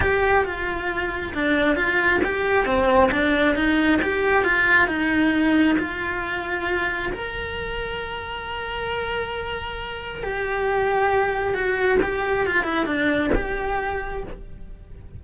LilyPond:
\new Staff \with { instrumentName = "cello" } { \time 4/4 \tempo 4 = 135 g'4 f'2 d'4 | f'4 g'4 c'4 d'4 | dis'4 g'4 f'4 dis'4~ | dis'4 f'2. |
ais'1~ | ais'2. g'4~ | g'2 fis'4 g'4 | f'8 e'8 d'4 g'2 | }